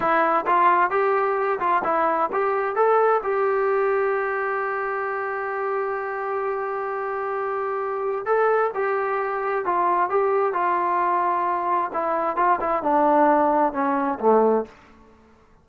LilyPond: \new Staff \with { instrumentName = "trombone" } { \time 4/4 \tempo 4 = 131 e'4 f'4 g'4. f'8 | e'4 g'4 a'4 g'4~ | g'1~ | g'1~ |
g'2 a'4 g'4~ | g'4 f'4 g'4 f'4~ | f'2 e'4 f'8 e'8 | d'2 cis'4 a4 | }